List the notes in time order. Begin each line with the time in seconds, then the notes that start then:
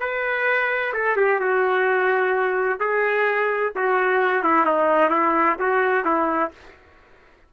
0.00 B4
0.93 A4
1.16 G4
1.40 F#4
2.80 G#4
3.76 F#4
4.43 E4
4.65 D#4
5.10 E4
5.59 F#4
6.05 E4